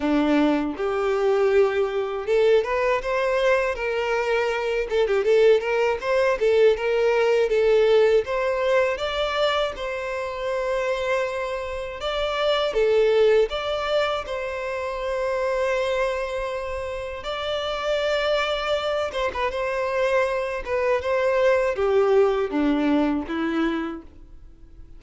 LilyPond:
\new Staff \with { instrumentName = "violin" } { \time 4/4 \tempo 4 = 80 d'4 g'2 a'8 b'8 | c''4 ais'4. a'16 g'16 a'8 ais'8 | c''8 a'8 ais'4 a'4 c''4 | d''4 c''2. |
d''4 a'4 d''4 c''4~ | c''2. d''4~ | d''4. c''16 b'16 c''4. b'8 | c''4 g'4 d'4 e'4 | }